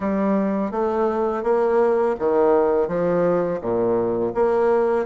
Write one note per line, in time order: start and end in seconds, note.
0.00 0.71 G3
0.71 1.43 A3
1.43 2.15 A#3
2.19 2.88 D#3
2.88 3.60 F3
3.61 4.33 A#2
4.34 5.05 A#3